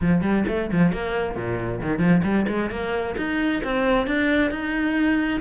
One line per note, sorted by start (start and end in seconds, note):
0.01 0.21 F3
0.21 0.44 G3
0.47 0.70 A3
0.72 0.92 F3
0.92 1.35 A#3
1.35 1.80 A#2
1.81 1.98 D#3
1.98 2.21 F3
2.23 2.46 G3
2.48 2.70 G#3
2.70 3.15 A#3
3.17 3.62 D#4
3.63 4.07 C4
4.07 4.50 D4
4.50 5.41 D#4